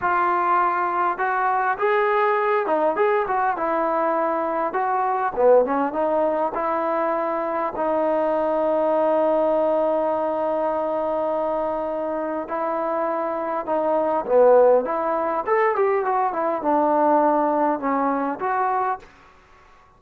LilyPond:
\new Staff \with { instrumentName = "trombone" } { \time 4/4 \tempo 4 = 101 f'2 fis'4 gis'4~ | gis'8 dis'8 gis'8 fis'8 e'2 | fis'4 b8 cis'8 dis'4 e'4~ | e'4 dis'2.~ |
dis'1~ | dis'4 e'2 dis'4 | b4 e'4 a'8 g'8 fis'8 e'8 | d'2 cis'4 fis'4 | }